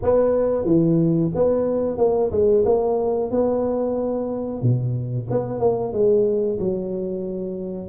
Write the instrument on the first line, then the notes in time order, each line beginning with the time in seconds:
tuba
0.02 B3
0.64 E3
1.34 B3
1.98 A#3
2.31 G#3
2.65 A#3
3.30 B3
4.62 B2
5.30 B3
5.59 A#3
5.93 G#3
6.59 F#3